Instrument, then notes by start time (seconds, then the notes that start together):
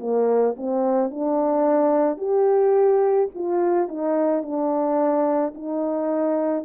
horn
0.00 A#3
0.57 C4
1.11 D4
2.18 G4
3.35 F4
3.88 D#4
4.43 D4
5.55 D#4